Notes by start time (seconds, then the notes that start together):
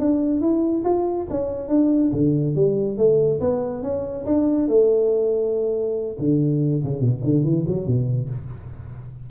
0.00 D4
0.41 E4
0.85 F4
1.30 C#4
1.69 D4
2.13 D3
2.56 G3
2.98 A3
3.41 B3
3.83 C#4
4.26 D4
4.68 A3
6.19 D3
6.85 C#3
7.01 B2
7.24 D3
7.44 E3
7.68 F#3
7.87 B2